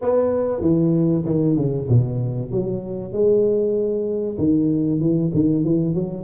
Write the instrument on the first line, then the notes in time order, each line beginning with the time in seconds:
tuba
0.01 B3
0.61 E3
1.25 D#3
1.56 C#3
1.88 B2
2.51 F#3
3.12 G#3
4.38 D#3
5.00 E3
5.34 D#3
5.64 E3
5.94 F#3